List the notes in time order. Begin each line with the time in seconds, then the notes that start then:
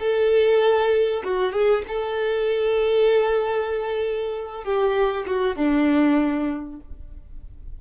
0.00 A4
1.24 F#4
1.53 G#4
1.88 A4
4.64 G4
5.27 F#4
5.56 D4